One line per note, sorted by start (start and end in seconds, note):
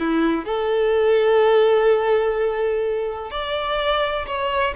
0.00 0.46 E4
0.46 3.31 A4
3.31 4.26 D5
4.27 4.75 C#5